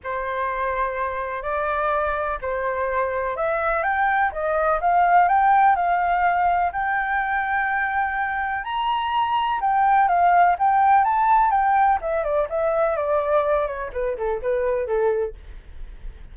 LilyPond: \new Staff \with { instrumentName = "flute" } { \time 4/4 \tempo 4 = 125 c''2. d''4~ | d''4 c''2 e''4 | g''4 dis''4 f''4 g''4 | f''2 g''2~ |
g''2 ais''2 | g''4 f''4 g''4 a''4 | g''4 e''8 d''8 e''4 d''4~ | d''8 cis''8 b'8 a'8 b'4 a'4 | }